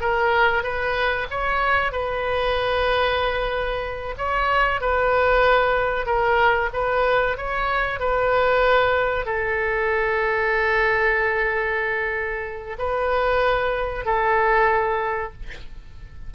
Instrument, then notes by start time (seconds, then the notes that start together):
oboe
0.00 A#4
0.63 B4
1.30 C#5
1.92 B4
4.18 C#5
4.80 B4
6.06 A#4
6.73 B4
7.37 C#5
8.00 B4
9.26 A4
12.78 B4
14.05 A4